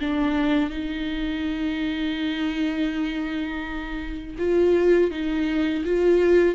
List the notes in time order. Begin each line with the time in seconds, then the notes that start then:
0.00 D4
0.70 D#4
4.38 F4
5.11 D#4
5.85 F4